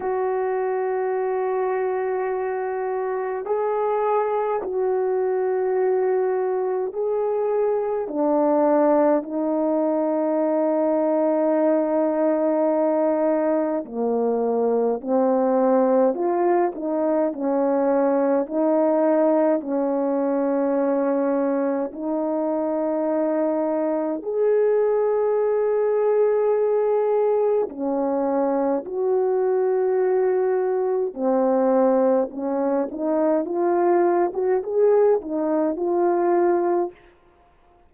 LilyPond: \new Staff \with { instrumentName = "horn" } { \time 4/4 \tempo 4 = 52 fis'2. gis'4 | fis'2 gis'4 d'4 | dis'1 | ais4 c'4 f'8 dis'8 cis'4 |
dis'4 cis'2 dis'4~ | dis'4 gis'2. | cis'4 fis'2 c'4 | cis'8 dis'8 f'8. fis'16 gis'8 dis'8 f'4 | }